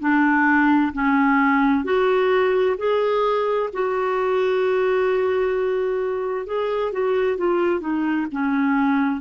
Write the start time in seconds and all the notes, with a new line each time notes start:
0.00 D4
0.93 C#4
1.85 F#4
2.78 G#4
3.73 F#4
6.47 G#4
6.92 F#4
7.38 F4
7.81 D#4
8.32 C#4